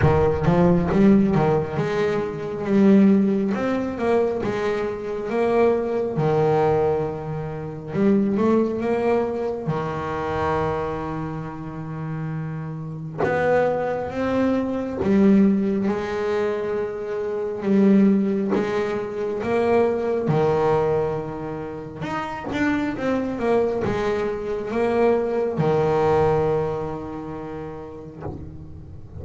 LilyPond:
\new Staff \with { instrumentName = "double bass" } { \time 4/4 \tempo 4 = 68 dis8 f8 g8 dis8 gis4 g4 | c'8 ais8 gis4 ais4 dis4~ | dis4 g8 a8 ais4 dis4~ | dis2. b4 |
c'4 g4 gis2 | g4 gis4 ais4 dis4~ | dis4 dis'8 d'8 c'8 ais8 gis4 | ais4 dis2. | }